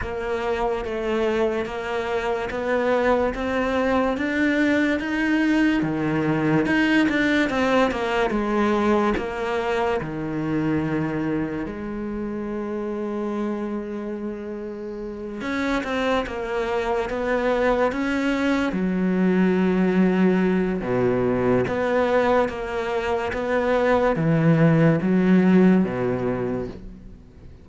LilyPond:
\new Staff \with { instrumentName = "cello" } { \time 4/4 \tempo 4 = 72 ais4 a4 ais4 b4 | c'4 d'4 dis'4 dis4 | dis'8 d'8 c'8 ais8 gis4 ais4 | dis2 gis2~ |
gis2~ gis8 cis'8 c'8 ais8~ | ais8 b4 cis'4 fis4.~ | fis4 b,4 b4 ais4 | b4 e4 fis4 b,4 | }